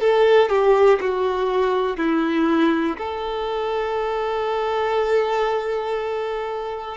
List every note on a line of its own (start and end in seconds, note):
0.00 0.50 A4
0.50 1.00 G4
1.00 1.97 F#4
1.97 2.97 E4
2.97 6.97 A4